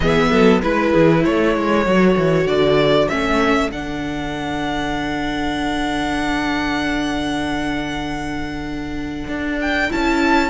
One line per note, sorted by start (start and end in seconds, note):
0.00 0.30 E3
0.00 0.62 B3
0.00 0.30 G#4
0.00 0.60 E5
0.30 0.62 F#3
0.30 0.61 A4
0.62 0.93 G#3
0.62 1.86 E4
0.62 0.92 B4
0.62 1.24 B4
0.92 1.25 E3
0.92 1.22 G#4
1.22 1.56 A3
1.22 10.50 A4
1.22 2.47 C#5
1.56 1.85 G#3
1.85 2.16 F#3
1.85 3.09 F#4
2.17 2.45 E3
2.45 3.07 D3
2.45 3.08 D5
3.08 3.71 A3
3.08 3.71 C#4
3.08 3.70 E5
3.71 9.27 D3
3.71 9.89 D4
3.71 9.59 F#5
9.27 9.89 D4
9.61 9.91 G5
9.89 10.50 C#4
9.89 10.50 E4
9.89 10.50 A5